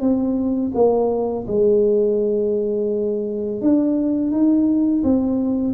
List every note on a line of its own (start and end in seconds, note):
0.00 0.71 C4
0.74 1.45 A#3
1.47 3.61 G#3
3.61 4.31 D4
4.31 5.02 D#4
5.03 5.73 C4